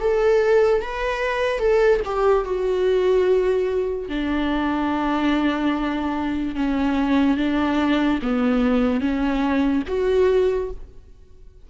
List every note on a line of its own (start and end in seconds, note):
0.00 0.82 A4
0.82 1.59 B4
1.59 2.00 A4
2.05 2.45 G4
2.45 4.08 F#4
4.08 6.55 D4
6.55 7.37 C#4
7.37 8.19 D4
8.22 9.00 B3
9.00 9.83 C#4
9.88 10.70 F#4